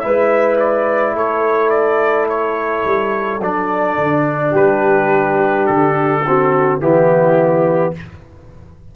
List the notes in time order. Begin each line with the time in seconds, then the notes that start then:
0.00 G#3 E4 B4 E5
0.60 D5
1.15 A3 A4 C#5
1.70 D5
2.30 C#5
2.85 G3
3.40 F#3 D4 D5
3.98 D3
4.52 G3 G4 B4
5.67 D3 A4
6.27 C4 F#4
6.81 E3 B3 E4 G4